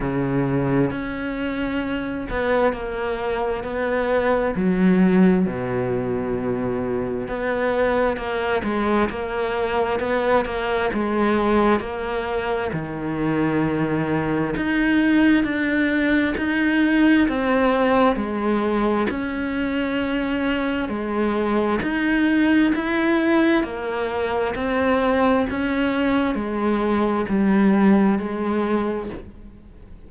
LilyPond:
\new Staff \with { instrumentName = "cello" } { \time 4/4 \tempo 4 = 66 cis4 cis'4. b8 ais4 | b4 fis4 b,2 | b4 ais8 gis8 ais4 b8 ais8 | gis4 ais4 dis2 |
dis'4 d'4 dis'4 c'4 | gis4 cis'2 gis4 | dis'4 e'4 ais4 c'4 | cis'4 gis4 g4 gis4 | }